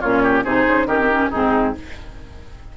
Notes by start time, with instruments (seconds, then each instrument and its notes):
0.00 bassoon A#2, clarinet C#4, oboe F4, flute C#5
0.23 oboe G4
0.44 bassoon C3, clarinet D#4, oboe G#4, flute C5
0.67 bassoon C#3
0.86 bassoon D#3, clarinet C#4, oboe G4, flute A#4
0.99 clarinet C4
1.10 clarinet C#4
1.30 bassoon G#2, clarinet C4, oboe D#4, flute G#4